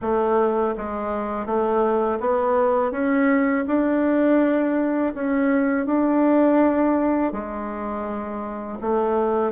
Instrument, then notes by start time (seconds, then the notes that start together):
bassoon
0.01 A3
0.77 G#3
1.45 A3
2.20 B3
2.91 C#4
3.67 D4
5.14 C#4
5.85 D4
7.32 G#3
8.81 A3